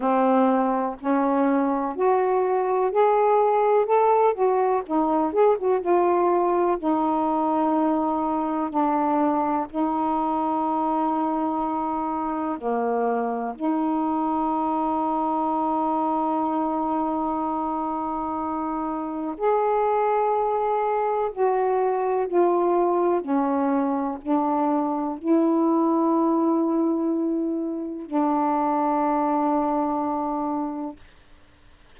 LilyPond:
\new Staff \with { instrumentName = "saxophone" } { \time 4/4 \tempo 4 = 62 c'4 cis'4 fis'4 gis'4 | a'8 fis'8 dis'8 gis'16 fis'16 f'4 dis'4~ | dis'4 d'4 dis'2~ | dis'4 ais4 dis'2~ |
dis'1 | gis'2 fis'4 f'4 | cis'4 d'4 e'2~ | e'4 d'2. | }